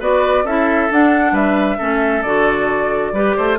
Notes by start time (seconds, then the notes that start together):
0.00 B3 F#4 B4 D5
0.45 C#4 E4 A4 E5
0.91 D4 F#5
1.32 G3 B4 E5
1.78 A3 C#4 A4
2.22 D3 F#4 D5
3.13 G3 G4 B4
3.36 A3 C5